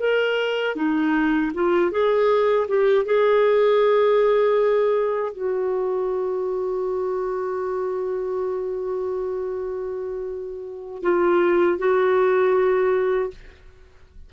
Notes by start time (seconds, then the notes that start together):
0.00 A#4
0.76 D#4
1.54 F4
1.92 G#4
2.68 G4
3.06 G#4
5.33 F#4
11.03 F4
11.79 F#4